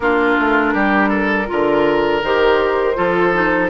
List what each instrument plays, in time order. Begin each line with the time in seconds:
0.00 bassoon A#3, clarinet D4, oboe F4, flute A#4
0.38 bassoon A3
0.73 bassoon G3, oboe G4
1.09 oboe A4
1.46 bassoon D3, clarinet F4, oboe A#4
2.22 bassoon D#3, clarinet G4, flute C5
2.94 bassoon F3, clarinet F4, oboe A4
3.32 clarinet D#4